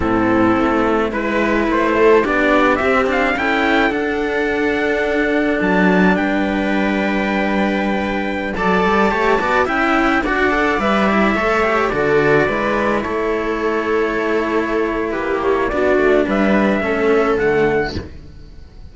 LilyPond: <<
  \new Staff \with { instrumentName = "trumpet" } { \time 4/4 \tempo 4 = 107 a'2 b'4 c''4 | d''4 e''8 f''8 g''4 fis''4~ | fis''2 a''4 g''4~ | g''2.~ g''16 a''8.~ |
a''4~ a''16 g''4 fis''4 e''8.~ | e''4~ e''16 d''2 cis''8.~ | cis''2. b'8 cis''8 | d''4 e''2 fis''4 | }
  \new Staff \with { instrumentName = "viola" } { \time 4/4 e'2 b'4. a'8 | g'2 a'2~ | a'2. b'4~ | b'2.~ b'16 d''8.~ |
d''16 cis''8 d''8 e''4 d''4.~ d''16~ | d''16 cis''4 a'4 b'4 a'8.~ | a'2. g'4 | fis'4 b'4 a'2 | }
  \new Staff \with { instrumentName = "cello" } { \time 4/4 c'2 e'2 | d'4 c'8 d'8 e'4 d'4~ | d'1~ | d'2.~ d'16 a'8.~ |
a'16 g'8 fis'8 e'4 fis'8 a'8 b'8 e'16~ | e'16 a'8 g'8 fis'4 e'4.~ e'16~ | e'1 | d'2 cis'4 a4 | }
  \new Staff \with { instrumentName = "cello" } { \time 4/4 a,4 a4 gis4 a4 | b4 c'4 cis'4 d'4~ | d'2 fis4 g4~ | g2.~ g16 fis8 g16~ |
g16 a8 b8 cis'4 d'4 g8.~ | g16 a4 d4 gis4 a8.~ | a2. ais4 | b8 a8 g4 a4 d4 | }
>>